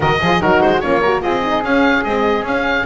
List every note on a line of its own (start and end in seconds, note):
0.00 0.19 D#3
0.00 0.21 F#4
0.00 0.19 A#4
0.00 0.41 D#5
0.20 0.40 F3
0.20 0.40 F4
0.20 0.40 G#4
0.40 0.61 F#3
0.40 0.81 D#4
0.40 0.81 F#4
0.40 0.61 A#4
0.61 0.83 G#3
0.61 0.80 C5
0.80 1.23 A#3
0.80 1.02 C#4
0.80 1.01 F4
0.80 1.21 C#5
1.01 1.22 F#4
1.01 1.22 A#4
1.22 1.64 C4
1.22 1.42 F4
1.22 2.85 G#4
1.22 1.63 D#5
1.42 1.62 D#4
1.62 2.03 C#4
1.62 2.05 C#4
1.62 2.03 F5
2.03 2.46 G#3
2.03 2.42 C4
2.03 2.44 D#5
2.42 2.83 C#4
2.42 2.85 C#4
2.42 2.85 F5